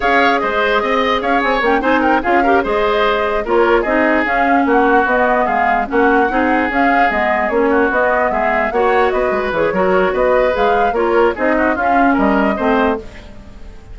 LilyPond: <<
  \new Staff \with { instrumentName = "flute" } { \time 4/4 \tempo 4 = 148 f''4 dis''2 f''8 gis''8 | g''8 gis''8 g''8 f''4 dis''4.~ | dis''8 cis''4 dis''4 f''4 fis''8~ | fis''8 dis''4 f''4 fis''4.~ |
fis''8 f''4 dis''4 cis''4 dis''8~ | dis''8 e''4 fis''4 dis''4 cis''8~ | cis''4 dis''4 f''4 cis''4 | dis''4 f''4 dis''2 | }
  \new Staff \with { instrumentName = "oboe" } { \time 4/4 cis''4 c''4 dis''4 cis''4~ | cis''8 c''8 ais'8 gis'8 ais'8 c''4.~ | c''8 ais'4 gis'2 fis'8~ | fis'4. gis'4 fis'4 gis'8~ |
gis'2. fis'4~ | fis'8 gis'4 cis''4 b'4. | ais'4 b'2 ais'4 | gis'8 fis'8 f'4 ais'4 c''4 | }
  \new Staff \with { instrumentName = "clarinet" } { \time 4/4 gis'1 | cis'8 dis'4 f'8 g'8 gis'4.~ | gis'8 f'4 dis'4 cis'4.~ | cis'8 b2 cis'4 dis'8~ |
dis'8 cis'4 b4 cis'4 b8~ | b4. fis'2 gis'8 | fis'2 gis'4 f'4 | dis'4 cis'2 c'4 | }
  \new Staff \with { instrumentName = "bassoon" } { \time 4/4 cis'4 gis4 c'4 cis'8 c'8 | ais8 c'4 cis'4 gis4.~ | gis8 ais4 c'4 cis'4 ais8~ | ais8 b4 gis4 ais4 c'8~ |
c'8 cis'4 gis4 ais4 b8~ | b8 gis4 ais4 b8 gis8 e8 | fis4 b4 gis4 ais4 | c'4 cis'4 g4 a4 | }
>>